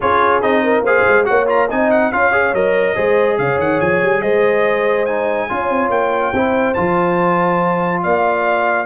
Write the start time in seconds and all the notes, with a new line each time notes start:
0.00 C#4 F4 G#4 C#5
0.41 C4 D#4 D#5
0.63 A#4
0.80 A#3 C5 F5
0.86 G#4
1.07 G#3
1.24 A#3 F#4 C#5 F#5
1.46 F4 A#5
1.68 C4 D#4 D#5 G#5
1.90 F#5
2.12 C#4 F4 C#5 F5
2.32 G#4
2.53 F#3 A#4 D#5
2.95 G#3 G#4 C5
3.38 C#3 C#5 F5
3.58 D#3 F#5
3.80 F3 G#5
4.02 G3
4.21 G#3 C5 D#5
5.05 D#4 G#5
5.49 C#4 F4 C#5
5.69 C4
5.89 A#3 G5
6.32 C4 E4 C5
6.74 F3 F4 A5
8.02 A#3 D5 F5